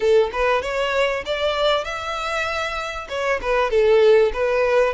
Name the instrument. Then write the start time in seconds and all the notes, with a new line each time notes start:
violin
0.00 A4
0.32 B4
0.62 C#5
1.25 D5
1.84 E5
3.08 C#5
3.41 B4
3.70 A4
4.33 B4